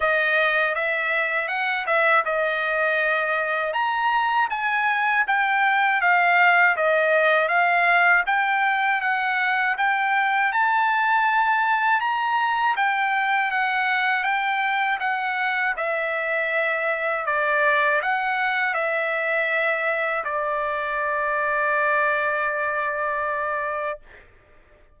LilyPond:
\new Staff \with { instrumentName = "trumpet" } { \time 4/4 \tempo 4 = 80 dis''4 e''4 fis''8 e''8 dis''4~ | dis''4 ais''4 gis''4 g''4 | f''4 dis''4 f''4 g''4 | fis''4 g''4 a''2 |
ais''4 g''4 fis''4 g''4 | fis''4 e''2 d''4 | fis''4 e''2 d''4~ | d''1 | }